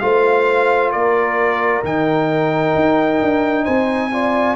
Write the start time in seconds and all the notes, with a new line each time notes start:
0.00 A3 F4 C5 F5
0.92 A#3 A#4 D5
1.84 D#3 D#4 G5
2.76 D#4
3.22 D4
3.65 C4 C5 G#5
4.12 F4 D5